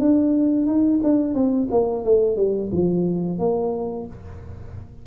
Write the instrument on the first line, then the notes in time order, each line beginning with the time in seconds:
tuba
0.00 D4
0.67 D#4
1.04 D4
1.35 C4
1.71 A#3
2.05 A3
2.37 G3
2.72 F3
3.39 A#3